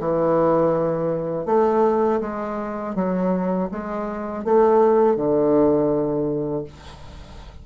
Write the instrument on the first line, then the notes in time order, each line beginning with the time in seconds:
bassoon
0.00 E3
1.46 A3
2.21 G#3
2.95 F#3
3.71 G#3
4.45 A3
5.16 D3